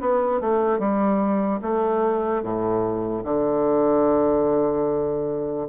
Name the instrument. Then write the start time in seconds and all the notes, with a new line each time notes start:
bassoon
0.00 B3
0.41 A3
0.79 G3
1.62 A3
2.43 A2
3.24 D3